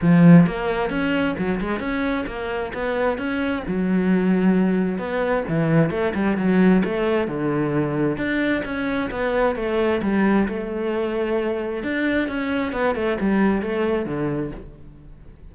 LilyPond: \new Staff \with { instrumentName = "cello" } { \time 4/4 \tempo 4 = 132 f4 ais4 cis'4 fis8 gis8 | cis'4 ais4 b4 cis'4 | fis2. b4 | e4 a8 g8 fis4 a4 |
d2 d'4 cis'4 | b4 a4 g4 a4~ | a2 d'4 cis'4 | b8 a8 g4 a4 d4 | }